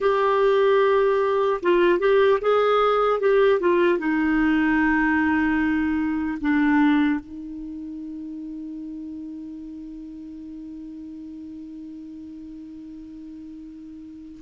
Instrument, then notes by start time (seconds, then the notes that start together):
clarinet
0.00 G4
1.62 F4
1.99 G4
2.41 G#4
3.20 G4
3.60 F4
3.98 D#4
6.40 D4
7.20 D#4